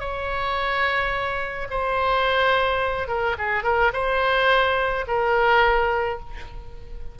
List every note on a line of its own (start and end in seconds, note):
0.00 1.68 C#5
1.70 3.08 C5
3.08 3.36 A#4
3.38 3.64 G#4
3.64 3.92 A#4
3.94 5.06 C5
5.07 6.20 A#4